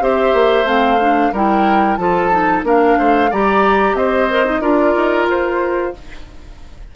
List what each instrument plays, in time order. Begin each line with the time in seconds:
0.00 bassoon C4, clarinet G4, oboe C5, flute E5
0.33 bassoon A#3
0.65 bassoon A3, clarinet C4, flute F5
1.00 clarinet D4
1.32 bassoon G3, clarinet E4, oboe A#4, flute G5
1.96 bassoon F3, clarinet F4, oboe A4, flute A5
2.31 clarinet D#4
2.63 bassoon A#3, clarinet D4, oboe A#4, flute F5
2.98 bassoon A3, oboe C5
3.31 bassoon G3, clarinet G4, oboe D5, flute A#5
3.94 bassoon C4, oboe C5, flute D#5
4.30 clarinet A#4
4.45 clarinet D#4
4.61 bassoon D4, clarinet F4, oboe A#4, flute D5
4.96 bassoon D#4
5.28 bassoon F4, flute C5